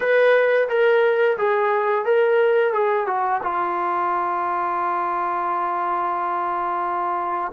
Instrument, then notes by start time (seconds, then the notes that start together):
trombone
0.00 B4
0.68 A#4
1.37 G#4
2.05 A#4
2.73 G#4
3.07 F#4
3.42 F4